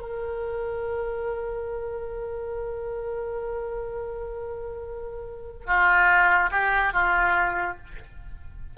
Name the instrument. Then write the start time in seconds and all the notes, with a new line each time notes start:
oboe
0.00 A#4
5.66 F4
6.52 G4
6.94 F4